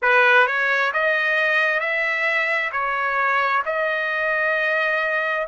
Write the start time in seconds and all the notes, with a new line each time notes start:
0.02 B4
0.46 C#5
0.93 D#5
1.79 E5
2.71 C#5
3.65 D#5